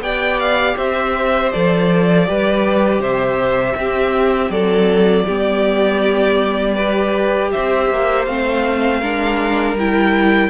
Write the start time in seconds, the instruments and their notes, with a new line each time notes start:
0.00 cello B3, viola G4, violin D5 G5
0.40 violin F5
0.76 cello C4, violin C5 E5
1.52 cello F3, viola A4, violin D5
2.27 cello G3, viola G4, violin B4
3.00 cello C3, violin C5 E5
3.76 cello C4, viola C4, violin G4
4.50 cello F#3, violin A4 D5
5.26 cello G3, viola B3, violin G4
6.75 viola G4, violin B4
7.51 cello C4, violin C5 E5
7.90 cello A#3
8.25 cello A3, viola C4, violin F5
9.00 cello G#3, viola D4, violin A#4
9.74 cello G3, viola E4, violin G5